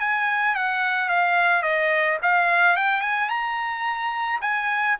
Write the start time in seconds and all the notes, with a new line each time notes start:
0.00 G#5
0.56 F#5
1.09 F5
1.63 D#5
2.23 F5
2.77 G5
3.02 G#5
3.30 A#5
4.42 G#5